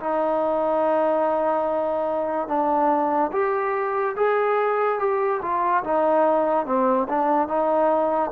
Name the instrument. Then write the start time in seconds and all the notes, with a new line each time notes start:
trombone
0.00 D#4
2.48 D4
3.32 G4
4.16 G#4
4.99 G4
5.42 F4
5.84 D#4
6.66 C4
7.09 D4
7.48 D#4